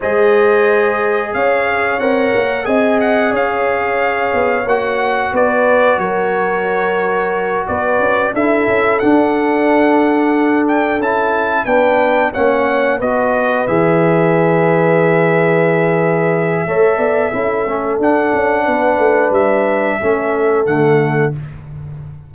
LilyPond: <<
  \new Staff \with { instrumentName = "trumpet" } { \time 4/4 \tempo 4 = 90 dis''2 f''4 fis''4 | gis''8 fis''8 f''2 fis''4 | d''4 cis''2~ cis''8 d''8~ | d''8 e''4 fis''2~ fis''8 |
g''8 a''4 g''4 fis''4 dis''8~ | dis''8 e''2.~ e''8~ | e''2. fis''4~ | fis''4 e''2 fis''4 | }
  \new Staff \with { instrumentName = "horn" } { \time 4/4 c''2 cis''2 | dis''4 cis''2. | b'4 ais'2~ ais'8 b'8~ | b'8 a'2.~ a'8~ |
a'4. b'4 cis''4 b'8~ | b'1~ | b'4 cis''8 d''8 a'2 | b'2 a'2 | }
  \new Staff \with { instrumentName = "trombone" } { \time 4/4 gis'2. ais'4 | gis'2. fis'4~ | fis'1~ | fis'8 e'4 d'2~ d'8~ |
d'8 e'4 d'4 cis'4 fis'8~ | fis'8 gis'2.~ gis'8~ | gis'4 a'4 e'8 cis'8 d'4~ | d'2 cis'4 a4 | }
  \new Staff \with { instrumentName = "tuba" } { \time 4/4 gis2 cis'4 c'8 ais8 | c'4 cis'4. b8 ais4 | b4 fis2~ fis8 b8 | cis'8 d'8 cis'8 d'2~ d'8~ |
d'8 cis'4 b4 ais4 b8~ | b8 e2.~ e8~ | e4 a8 b8 cis'8 a8 d'8 cis'8 | b8 a8 g4 a4 d4 | }
>>